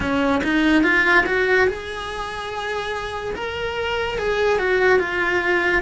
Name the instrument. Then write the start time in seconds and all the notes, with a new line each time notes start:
cello
0.00 C#4
0.43 D#4
0.83 F4
1.26 F#4
1.67 G#4
3.35 A#4
4.17 G#4
4.58 F#4
4.99 F4